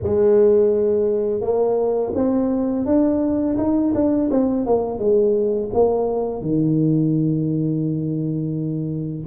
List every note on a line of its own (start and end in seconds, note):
0.02 1.41 G#3
1.41 2.12 A#3
2.14 2.85 C4
2.85 3.56 D4
3.57 3.93 D#4
3.94 4.30 D4
4.31 4.66 C4
4.66 4.98 A#3
4.98 5.69 G#3
5.73 6.41 A#3
6.41 9.27 D#3